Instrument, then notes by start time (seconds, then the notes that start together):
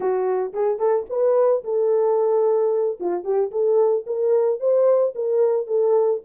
horn
0.00 F#4
0.53 G#4
0.78 A4
1.09 B4
1.63 A4
3.00 F4
3.23 G4
3.51 A4
4.06 A#4
4.59 C5
5.15 A#4
5.67 A4